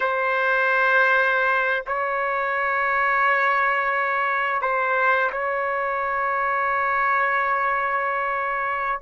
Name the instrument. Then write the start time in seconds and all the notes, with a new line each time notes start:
trumpet
0.00 C5
1.87 C#5
4.61 C5
5.32 C#5